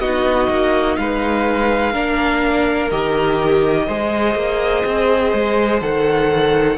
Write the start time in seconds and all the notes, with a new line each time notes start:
0.00 B3 D#4 F#4 D#5
0.49 A#3
0.97 G#3 B4 F5
1.93 A#3 D4 A#4
2.91 D#3 G4 D#5
3.87 G#3 G#4 C5
4.35 A#3
4.86 C4
5.34 G#3
5.81 D#3 A4 F#5